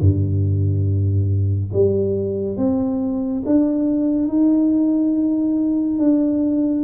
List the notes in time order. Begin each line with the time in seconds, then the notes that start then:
0.00 G2
1.73 G3
2.57 C4
3.46 D4
4.28 D#4
5.99 D4